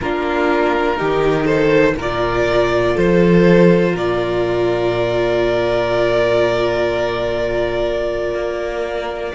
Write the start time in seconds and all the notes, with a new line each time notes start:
0.00 A#3 D4 F4 A#4
0.97 D#3 D#4 G4
1.44 A4 C5
1.96 A#2 F4 A#4 D5
2.94 F3 A4 C5
3.91 A#2 A#4 D5
8.34 A#3